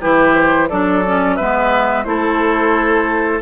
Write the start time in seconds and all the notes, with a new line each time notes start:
0.00 E3 E4 G4 B4
0.34 C5
0.69 F#3 D4 A4 D5
1.05 C#4
1.36 G#3 B3 B4 E5
2.04 A3 E4 A4 C5